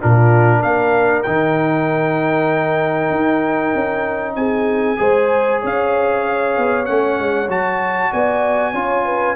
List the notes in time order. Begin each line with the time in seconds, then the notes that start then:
0.00 A#2 D4 F4 A#4
0.60 A#3 A#4 F5
1.23 D#3 D#4 G5
3.11 D#4
3.75 C#4
4.36 C4 G#4 G#5
4.97 G#3 G#4 C5
5.61 C#4 C#5 F5
6.57 B3
6.85 A3 C#4 F#5
7.20 G#3
7.49 F#3 F#4 A5
8.12 B3 D5 G#5
8.73 C#4 F4 C#5
9.05 B4